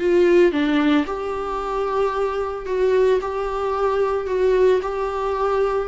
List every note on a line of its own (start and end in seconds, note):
0.00 0.52 F4
0.52 1.06 D4
1.07 2.66 G4
2.66 3.20 F#4
3.22 4.27 G4
4.27 4.81 F#4
4.83 5.89 G4